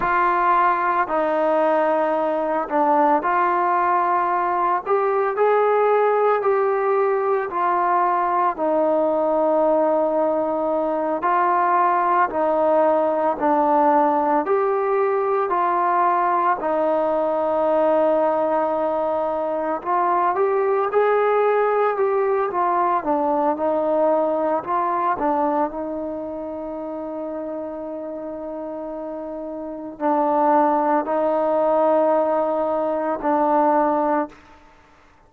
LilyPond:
\new Staff \with { instrumentName = "trombone" } { \time 4/4 \tempo 4 = 56 f'4 dis'4. d'8 f'4~ | f'8 g'8 gis'4 g'4 f'4 | dis'2~ dis'8 f'4 dis'8~ | dis'8 d'4 g'4 f'4 dis'8~ |
dis'2~ dis'8 f'8 g'8 gis'8~ | gis'8 g'8 f'8 d'8 dis'4 f'8 d'8 | dis'1 | d'4 dis'2 d'4 | }